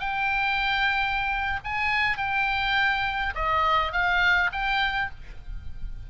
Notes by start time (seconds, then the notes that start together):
0.00 G5
1.64 G#5
2.18 G5
3.35 D#5
3.92 F5
4.52 G5